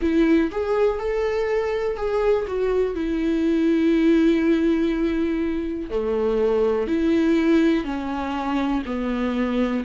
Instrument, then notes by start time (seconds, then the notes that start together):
viola
0.01 E4
0.51 G#4
0.99 A4
1.97 G#4
2.47 F#4
2.95 E4
5.90 A3
6.87 E4
7.84 C#4
8.85 B3